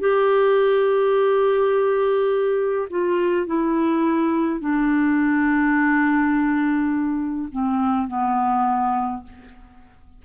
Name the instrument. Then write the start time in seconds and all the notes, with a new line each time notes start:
clarinet
0.00 G4
2.90 F4
3.47 E4
4.60 D4
7.52 C4
8.08 B3